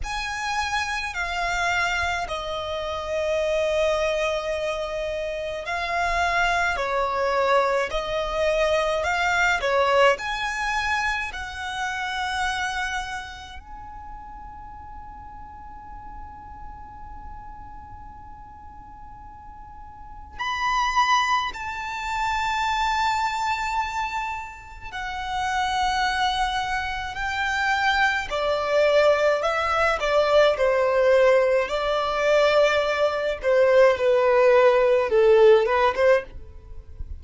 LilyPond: \new Staff \with { instrumentName = "violin" } { \time 4/4 \tempo 4 = 53 gis''4 f''4 dis''2~ | dis''4 f''4 cis''4 dis''4 | f''8 cis''8 gis''4 fis''2 | gis''1~ |
gis''2 b''4 a''4~ | a''2 fis''2 | g''4 d''4 e''8 d''8 c''4 | d''4. c''8 b'4 a'8 b'16 c''16 | }